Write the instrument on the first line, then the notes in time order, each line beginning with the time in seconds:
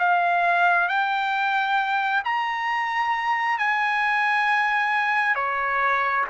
trumpet
0.00 F5
0.89 G5
2.25 A#5
3.59 G#5
5.36 C#5